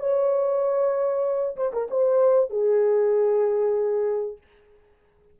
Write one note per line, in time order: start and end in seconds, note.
0.00 1.56 C#5
1.57 1.72 C5
1.73 1.89 A#4
1.91 2.50 C5
2.50 4.38 G#4